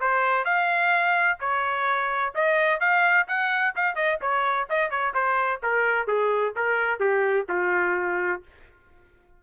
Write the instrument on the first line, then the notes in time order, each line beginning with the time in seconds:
trumpet
0.00 C5
0.45 F5
1.40 C#5
2.35 D#5
2.80 F5
3.27 F#5
3.75 F5
3.95 D#5
4.21 C#5
4.70 D#5
4.90 C#5
5.14 C5
5.63 A#4
6.07 G#4
6.56 A#4
6.99 G4
7.49 F4